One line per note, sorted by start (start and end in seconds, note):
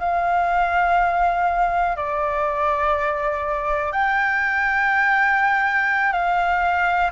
0.00 1.96 F5
1.96 3.92 D5
3.92 6.13 G5
6.13 7.11 F5